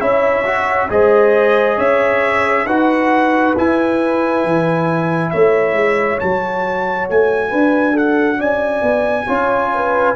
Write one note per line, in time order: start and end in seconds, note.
0.00 0.89 C#4
0.00 0.44 E4
0.00 0.89 C#5
0.00 0.88 E5
0.45 0.89 F#4
0.89 1.77 G#3
0.89 2.66 G#4
0.89 1.77 C5
0.89 1.78 D#5
1.77 2.65 C#4
1.77 2.65 C#5
1.77 2.66 E5
2.65 3.53 D#4
2.65 3.56 F#4
2.65 5.31 B4
2.65 3.55 F#5
3.56 4.44 E4
3.56 6.19 E4
3.56 5.30 G#5
4.44 5.32 E3
5.30 5.73 A3
5.30 7.49 C#5
5.30 6.18 E5
5.73 6.17 G#3
6.19 7.09 F#3
6.19 9.27 F#4
6.19 7.08 A5
7.09 7.52 A3
7.09 7.97 G#5
7.49 8.40 D4
7.49 7.93 B4
7.93 8.37 A4
7.93 8.40 F#5
8.37 8.82 C#4
8.37 9.26 D5
8.37 10.15 G#5
8.82 9.26 B3
9.27 10.15 C#4
9.27 10.15 F4
9.27 9.71 C#5
9.74 10.15 B4